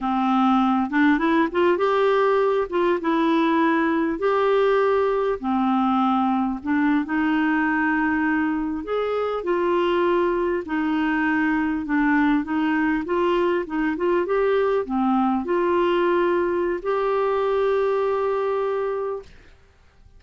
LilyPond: \new Staff \with { instrumentName = "clarinet" } { \time 4/4 \tempo 4 = 100 c'4. d'8 e'8 f'8 g'4~ | g'8 f'8 e'2 g'4~ | g'4 c'2 d'8. dis'16~ | dis'2~ dis'8. gis'4 f'16~ |
f'4.~ f'16 dis'2 d'16~ | d'8. dis'4 f'4 dis'8 f'8 g'16~ | g'8. c'4 f'2~ f'16 | g'1 | }